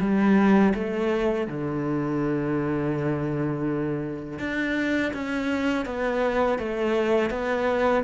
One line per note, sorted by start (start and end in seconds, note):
0.00 0.73 G3
0.74 1.47 A3
1.47 4.39 D3
4.39 5.12 D4
5.13 5.85 C#4
5.85 6.58 B3
6.59 7.30 A3
7.30 8.03 B3